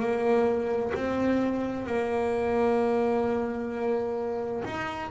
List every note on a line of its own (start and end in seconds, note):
0.00 0.92 A#3
0.95 1.87 C4
1.87 4.64 A#3
4.65 5.11 D#4